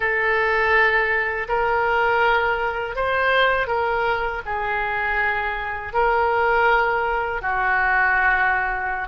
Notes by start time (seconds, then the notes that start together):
0.00 A4
1.48 A#4
2.95 C5
3.67 A#4
4.45 G#4
5.93 A#4
7.41 F#4